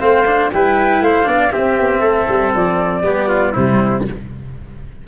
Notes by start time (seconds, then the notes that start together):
0.00 A3 C4 C5 F5
0.26 D4
0.53 G3 E4 B4 G5
1.01 A3 C5 F5
1.24 B3 D4 D5
1.52 C4 G4 E5
1.79 B3
2.01 A3 A4
2.29 G3
2.54 F3 D5
3.02 G3 B3 G4
3.29 F4
3.53 C3 G3 E4 C5